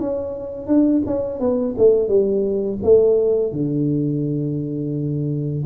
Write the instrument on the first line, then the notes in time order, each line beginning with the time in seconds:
tuba
0.00 C#4
0.67 D4
1.07 C#4
1.40 B3
1.78 A3
2.09 G3
2.84 A3
3.53 D3